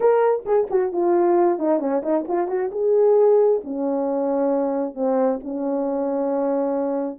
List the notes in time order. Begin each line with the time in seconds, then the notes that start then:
0.00 A#4
0.45 G#4
0.70 F#4
0.92 F4
1.59 D#4
1.79 C#4
2.02 D#4
2.28 F4
2.47 F#4
2.71 G#4
3.63 C#4
4.94 C4
5.43 C#4